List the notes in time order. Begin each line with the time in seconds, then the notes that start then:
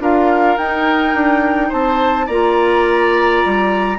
0.00 D4 F4 A#4 F5
0.57 D#4 G5
1.15 D4
1.69 C4 C5 A5
2.26 A#3 F4 D5 A#5
3.46 G3